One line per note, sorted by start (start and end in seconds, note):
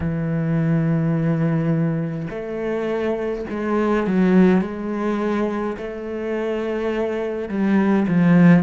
0.00 2.28 E3
2.30 3.45 A3
3.49 4.06 G#3
4.06 4.61 F#3
4.61 5.76 G#3
5.77 7.48 A3
7.48 8.06 G3
8.08 8.63 F3